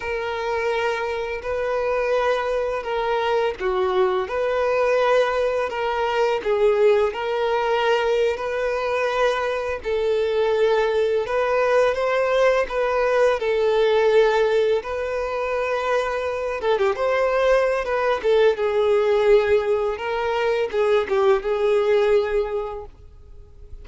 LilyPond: \new Staff \with { instrumentName = "violin" } { \time 4/4 \tempo 4 = 84 ais'2 b'2 | ais'4 fis'4 b'2 | ais'4 gis'4 ais'4.~ ais'16 b'16~ | b'4.~ b'16 a'2 b'16~ |
b'8. c''4 b'4 a'4~ a'16~ | a'8. b'2~ b'8 a'16 g'16 c''16~ | c''4 b'8 a'8 gis'2 | ais'4 gis'8 g'8 gis'2 | }